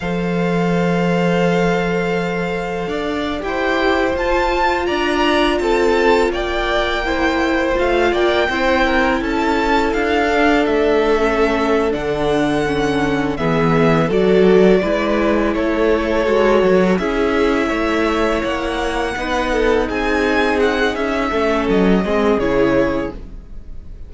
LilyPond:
<<
  \new Staff \with { instrumentName = "violin" } { \time 4/4 \tempo 4 = 83 f''1~ | f''8. g''4 a''4 ais''4 a''16~ | a''8. g''2 f''8 g''8.~ | g''8. a''4 f''4 e''4~ e''16~ |
e''8 fis''2 e''4 d''8~ | d''4. cis''2 e''8~ | e''4. fis''2 gis''8~ | gis''8 fis''8 e''4 dis''4 cis''4 | }
  \new Staff \with { instrumentName = "violin" } { \time 4/4 c''1 | d''8. c''2 d''4 a'16~ | a'8. d''4 c''4. d''8 c''16~ | c''16 ais'8 a'2.~ a'16~ |
a'2~ a'8 gis'4 a'8~ | a'8 b'4 a'2 gis'8~ | gis'8 cis''2 b'8 a'8 gis'8~ | gis'4. a'4 gis'4. | }
  \new Staff \with { instrumentName = "viola" } { \time 4/4 a'1~ | a'8. g'4 f'2~ f'16~ | f'4.~ f'16 e'4 f'4 e'16~ | e'2~ e'16 d'4~ d'16 cis'8~ |
cis'8 d'4 cis'4 b4 fis'8~ | fis'8 e'2 fis'4 e'8~ | e'2~ e'8 dis'4.~ | dis'4. cis'4 c'8 e'4 | }
  \new Staff \with { instrumentName = "cello" } { \time 4/4 f1 | d'8. e'4 f'4 d'4 c'16~ | c'8. ais2 a8 ais8 c'16~ | c'8. cis'4 d'4 a4~ a16~ |
a8 d2 e4 fis8~ | fis8 gis4 a4 gis8 fis8 cis'8~ | cis'8 a4 ais4 b4 c'8~ | c'4 cis'8 a8 fis8 gis8 cis4 | }
>>